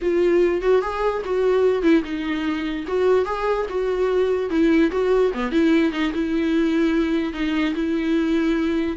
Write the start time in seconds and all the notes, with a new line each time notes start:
0.01 F4
0.61 F#4
0.81 G#4
1.24 F#4
1.82 E4
2.04 D#4
2.87 F#4
3.25 G#4
3.69 F#4
4.50 E4
4.91 F#4
5.34 B3
5.51 E4
5.92 D#4
6.13 E4
7.33 D#4
7.74 E4